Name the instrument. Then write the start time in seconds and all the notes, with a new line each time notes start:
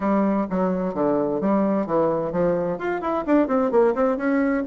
bassoon
0.00 G3
0.50 F#3
0.94 D3
1.40 G3
1.86 E3
2.32 F3
2.78 F4
3.01 E4
3.26 D4
3.47 C4
3.71 A#3
3.94 C4
4.17 C#4